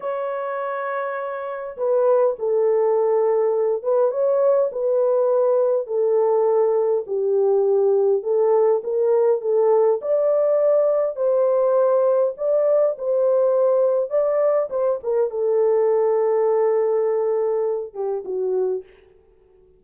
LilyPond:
\new Staff \with { instrumentName = "horn" } { \time 4/4 \tempo 4 = 102 cis''2. b'4 | a'2~ a'8 b'8 cis''4 | b'2 a'2 | g'2 a'4 ais'4 |
a'4 d''2 c''4~ | c''4 d''4 c''2 | d''4 c''8 ais'8 a'2~ | a'2~ a'8 g'8 fis'4 | }